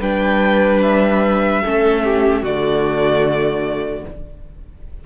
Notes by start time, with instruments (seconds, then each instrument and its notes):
0.00 cello G3, viola D4, violin B4 G5
0.83 violin E5
1.65 cello A3, viola C#4, violin A4
2.05 violin G4
2.43 cello D3, viola A3, violin F#4 D5